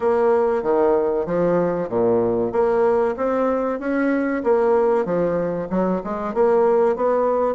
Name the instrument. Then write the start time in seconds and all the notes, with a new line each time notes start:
bassoon
0.00 A#3
0.63 D#3
1.26 F3
1.89 A#2
2.52 A#3
3.17 C4
3.79 C#4
4.43 A#3
5.05 F3
5.70 F#3
6.03 G#3
6.33 A#3
6.96 B3